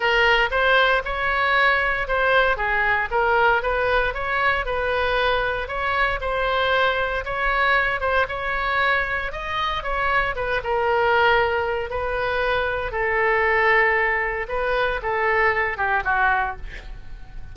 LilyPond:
\new Staff \with { instrumentName = "oboe" } { \time 4/4 \tempo 4 = 116 ais'4 c''4 cis''2 | c''4 gis'4 ais'4 b'4 | cis''4 b'2 cis''4 | c''2 cis''4. c''8 |
cis''2 dis''4 cis''4 | b'8 ais'2~ ais'8 b'4~ | b'4 a'2. | b'4 a'4. g'8 fis'4 | }